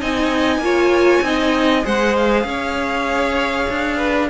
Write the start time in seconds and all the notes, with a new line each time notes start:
0.00 C4 D#4 D#5 G#5
0.58 A#3 F4
0.64 C#5
1.22 C4 D#4 D#5
1.82 G#3 G#4 C5 F#5
2.16 F5
2.44 C#4 C#5
3.70 D4
3.97 B4